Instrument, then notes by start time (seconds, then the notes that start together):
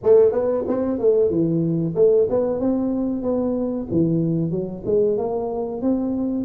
tuba
0.03 A3
0.32 B3
0.67 C4
0.98 A3
1.30 E3
1.95 A3
2.29 B3
2.60 C4
3.22 B3
3.91 E3
4.50 F#3
4.85 G#3
5.17 A#3
5.81 C4